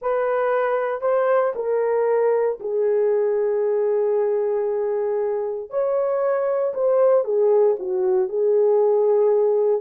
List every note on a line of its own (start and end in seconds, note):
0.01 1.01 B4
1.01 1.53 C5
1.55 2.58 A#4
2.60 5.70 G#4
5.70 6.73 C#5
6.74 7.24 C5
7.24 7.76 G#4
7.79 8.29 F#4
8.29 9.81 G#4